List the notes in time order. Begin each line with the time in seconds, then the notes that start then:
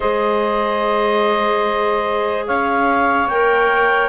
0.00 G#3 G#4 C5 D#5
2.46 C#4 C#5 F5
3.27 A#3 A#4 G5